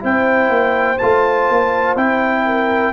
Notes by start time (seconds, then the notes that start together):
0.00 C4 E4 C5 G5
0.49 A#3
0.99 A3 F4 A5
1.50 A#3
1.96 C4 E4 G5
2.46 A#4